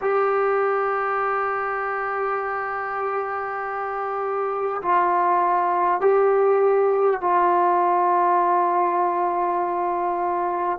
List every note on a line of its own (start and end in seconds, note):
0.01 4.81 G4
4.82 6.00 F4
6.00 7.20 G4
7.20 10.78 F4